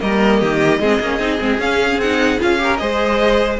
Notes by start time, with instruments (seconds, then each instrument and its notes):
0.00 cello G3, viola A#3, violin A#4 D#5
0.40 cello D#3, violin G4
0.79 cello G#3, viola C4, violin G#4
1.00 cello A#3, viola C#4
1.19 cello C4, viola D#4
1.39 cello G#3, viola C4
1.58 cello C#4, viola C#4, violin F5
1.97 cello C4, violin F#5
2.04 viola D#4
2.39 cello C#4, viola F4, violin F5
2.58 viola G4, violin A#4
2.77 cello G#3, viola G#4, violin C5 D#5